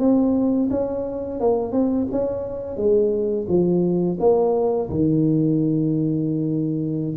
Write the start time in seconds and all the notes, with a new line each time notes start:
0.00 C4
0.71 C#4
1.41 A#3
1.73 C4
2.12 C#4
2.77 G#3
3.49 F3
4.20 A#3
4.90 D#3